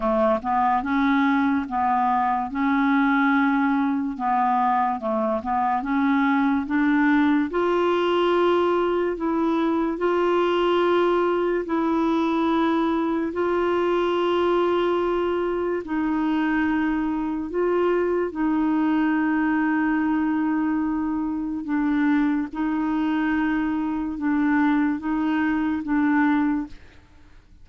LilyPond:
\new Staff \with { instrumentName = "clarinet" } { \time 4/4 \tempo 4 = 72 a8 b8 cis'4 b4 cis'4~ | cis'4 b4 a8 b8 cis'4 | d'4 f'2 e'4 | f'2 e'2 |
f'2. dis'4~ | dis'4 f'4 dis'2~ | dis'2 d'4 dis'4~ | dis'4 d'4 dis'4 d'4 | }